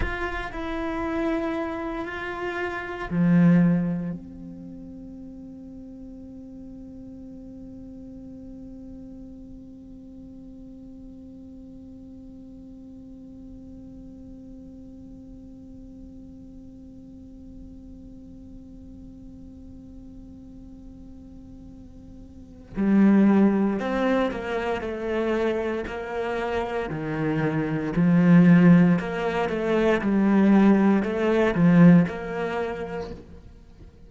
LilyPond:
\new Staff \with { instrumentName = "cello" } { \time 4/4 \tempo 4 = 58 f'8 e'4. f'4 f4 | c'1~ | c'1~ | c'1~ |
c'1~ | c'2 g4 c'8 ais8 | a4 ais4 dis4 f4 | ais8 a8 g4 a8 f8 ais4 | }